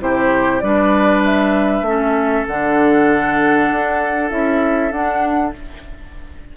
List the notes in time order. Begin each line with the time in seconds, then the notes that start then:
0.00 C3 E4 G4 C5
0.60 G3 D4 B4 D5
1.24 E5
1.81 A3 C#4
1.89 A4
2.47 D3 D4 F#5
3.71 D4
4.29 C#4 E4 E5
4.91 D4 F#5